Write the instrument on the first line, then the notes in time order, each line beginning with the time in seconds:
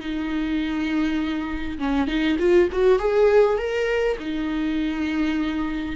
viola
0.00 D#4
1.78 C#4
2.07 D#4
2.39 F4
2.72 F#4
2.99 G#4
3.58 A#4
4.19 D#4